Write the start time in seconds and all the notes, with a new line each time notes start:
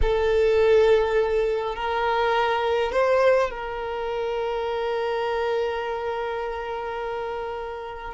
0.01 A4
1.75 A#4
2.92 C5
3.50 A#4